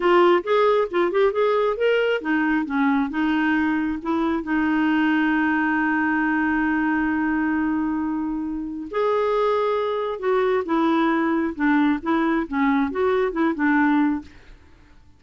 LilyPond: \new Staff \with { instrumentName = "clarinet" } { \time 4/4 \tempo 4 = 135 f'4 gis'4 f'8 g'8 gis'4 | ais'4 dis'4 cis'4 dis'4~ | dis'4 e'4 dis'2~ | dis'1~ |
dis'1 | gis'2. fis'4 | e'2 d'4 e'4 | cis'4 fis'4 e'8 d'4. | }